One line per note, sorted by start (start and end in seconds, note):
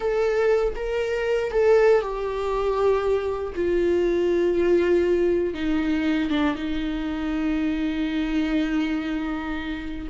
0.00 0.74 A4
0.75 1.51 A#4
1.51 2.01 A4
2.01 3.53 G4
3.55 5.54 F4
5.54 6.29 D#4
6.30 6.55 D4
6.55 10.07 D#4